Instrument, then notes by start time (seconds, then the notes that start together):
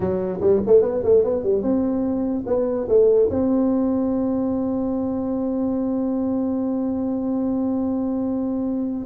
tuba
0.00 F#3
0.40 G3
0.66 A3
0.82 B3
1.03 A3
1.23 B3
1.43 G3
1.62 C4
2.46 B3
2.88 A3
3.30 C4